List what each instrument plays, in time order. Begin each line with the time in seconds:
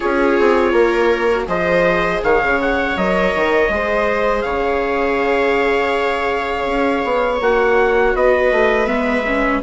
0.00 bassoon C#4, viola F4 G#4, trumpet C#5
0.39 bassoon C4
0.72 bassoon A#3, viola A#4
1.30 viola F#4
1.46 bassoon F3, viola G#4 C5, trumpet D#5
2.23 bassoon D#3, viola C#5, trumpet F5
2.42 bassoon C#3
2.61 trumpet F#5
2.96 bassoon F#3, viola A#4, trumpet D#5
3.34 bassoon D#3
3.69 bassoon G#3, viola G#4 C5
4.41 bassoon C#3, viola C#5, trumpet F5
6.65 bassoon C#4
7.04 bassoon B3
7.40 bassoon A#3, viola F#4, trumpet F#5
8.14 bassoon B3, viola B4, trumpet D#5
8.51 bassoon A3
8.86 bassoon G#3, viola B3, trumpet E5
9.26 viola C#4